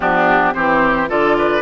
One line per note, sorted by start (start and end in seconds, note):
0.00 0.54 F3
0.00 0.53 B3
0.00 0.53 D4
0.00 0.53 G4
0.53 1.10 E3
0.53 1.08 C4
0.53 1.09 G4
0.53 1.08 C5
1.08 1.61 D3
1.08 1.61 F4
1.08 1.36 A4
1.08 1.61 D5
1.38 1.61 B4